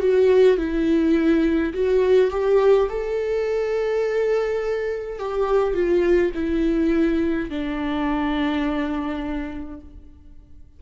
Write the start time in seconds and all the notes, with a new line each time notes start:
0.00 F#4
0.58 E4
1.74 F#4
2.31 G4
2.90 A4
5.19 G4
5.74 F4
6.35 E4
7.49 D4